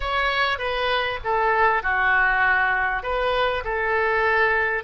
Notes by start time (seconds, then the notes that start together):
0.00 C#5
0.58 B4
1.23 A4
1.82 F#4
3.02 B4
3.64 A4